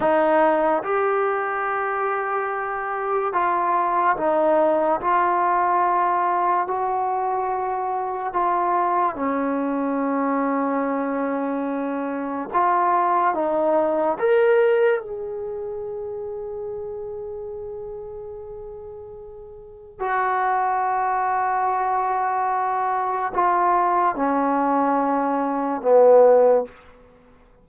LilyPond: \new Staff \with { instrumentName = "trombone" } { \time 4/4 \tempo 4 = 72 dis'4 g'2. | f'4 dis'4 f'2 | fis'2 f'4 cis'4~ | cis'2. f'4 |
dis'4 ais'4 gis'2~ | gis'1 | fis'1 | f'4 cis'2 b4 | }